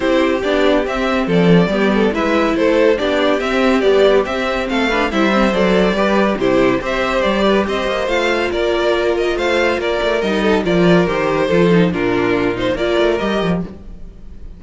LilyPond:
<<
  \new Staff \with { instrumentName = "violin" } { \time 4/4 \tempo 4 = 141 c''4 d''4 e''4 d''4~ | d''4 e''4 c''4 d''4 | e''4 d''4 e''4 f''4 | e''4 d''2 c''4 |
e''4 d''4 dis''4 f''4 | d''4. dis''8 f''4 d''4 | dis''4 d''4 c''2 | ais'4. c''8 d''4 dis''4 | }
  \new Staff \with { instrumentName = "violin" } { \time 4/4 g'2. a'4 | g'8 a'8 b'4 a'4 g'4~ | g'2. a'8 b'8 | c''2 b'4 g'4 |
c''4. b'8 c''2 | ais'2 c''4 ais'4~ | ais'8 a'8 ais'2 a'4 | f'2 ais'2 | }
  \new Staff \with { instrumentName = "viola" } { \time 4/4 e'4 d'4 c'2 | b4 e'2 d'4 | c'4 g4 c'4. d'8 | e'8 c'8 a'4 g'4 e'4 |
g'2. f'4~ | f'1 | dis'4 f'4 g'4 f'8 dis'8 | d'4. dis'8 f'4 g'4 | }
  \new Staff \with { instrumentName = "cello" } { \time 4/4 c'4 b4 c'4 f4 | g4 gis4 a4 b4 | c'4 b4 c'4 a4 | g4 fis4 g4 c4 |
c'4 g4 c'8 ais8 a4 | ais2 a4 ais8 a8 | g4 f4 dis4 f4 | ais,2 ais8 a8 g8 f8 | }
>>